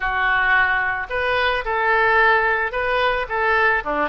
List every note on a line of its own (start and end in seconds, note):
0.00 1.07 F#4
1.09 1.64 B4
1.64 2.71 A4
2.71 3.26 B4
3.29 3.83 A4
3.84 4.09 D4